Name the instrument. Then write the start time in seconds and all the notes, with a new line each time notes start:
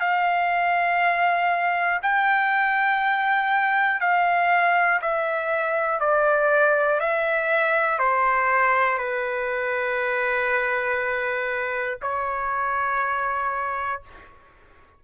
trumpet
0.00 F5
2.02 G5
4.00 F5
5.01 E5
6.00 D5
7.00 E5
7.99 C5
8.98 B4
12.02 C#5